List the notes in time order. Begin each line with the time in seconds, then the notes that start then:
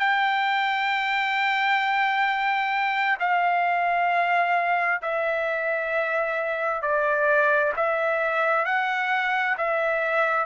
0.00 G5
3.20 F5
5.02 E5
6.82 D5
7.77 E5
8.66 F#5
9.58 E5